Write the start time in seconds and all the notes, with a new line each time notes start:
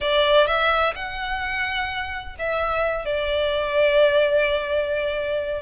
0.00 D5
0.46 E5
0.95 F#5
2.39 E5
3.05 D5